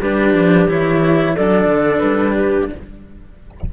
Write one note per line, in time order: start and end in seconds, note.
0.00 0.34 G3
0.00 0.69 D4
0.00 1.35 G4
0.00 0.69 B4
0.34 0.68 F3
0.69 1.36 E3
0.69 1.37 E4
0.69 1.37 C#5
1.35 1.67 F#3
1.35 2.73 D4
1.35 2.35 A4
1.35 1.99 D5
1.67 2.01 D3
1.99 2.69 G3
1.99 2.66 B4
2.35 2.69 G4